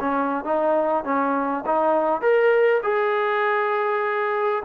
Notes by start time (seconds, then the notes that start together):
0.00 C#4
0.44 D#4
1.04 C#4
1.66 D#4
2.21 A#4
2.83 G#4